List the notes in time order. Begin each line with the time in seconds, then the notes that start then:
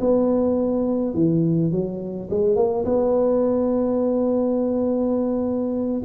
0.00 B3
1.14 E3
1.71 F#3
2.30 G#3
2.56 A#3
2.85 B3